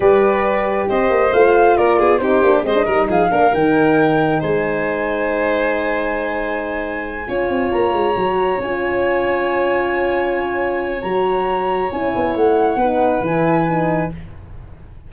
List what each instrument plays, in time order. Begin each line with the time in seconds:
0.00 tuba G3, horn G4, violin B4, flute D5
0.89 tuba C4, violin C5, flute D#5
1.10 tuba A#3
1.33 tuba A3, horn F4, flute F5
1.77 tuba A#3, violin A#4, flute D5
1.98 tuba B3, violin G#4
2.18 tuba C4, horn D#4, violin G4, flute C5
2.42 tuba A#3, horn D4
2.62 tuba G#3, horn C4, violin C5, flute D#5
2.74 horn D4
2.85 tuba G3, horn D#4, violin A#4
3.08 tuba F3, violin G#4, flute F5
3.30 tuba A#3, horn D4, violin A#4
3.53 tuba D#3, horn D#4, flute G5
4.39 tuba G#3, violin C5, flute G#5
7.26 tuba C#4, horn F4, violin C#5
7.49 tuba C4
7.72 tuba A#3, flute A#5
7.93 tuba G#3
8.16 tuba F#3, horn F#4
8.59 tuba C#4, horn F4, flute G#5
11.02 tuba F#3, horn F#4, flute A#5
11.91 tuba C#4, horn E4, flute G#5
12.15 tuba B3
12.35 tuba A3, flute F#5
12.75 tuba B3, horn D#4, violin B4
13.21 tuba E3, horn E4, flute G#5
13.67 horn D#4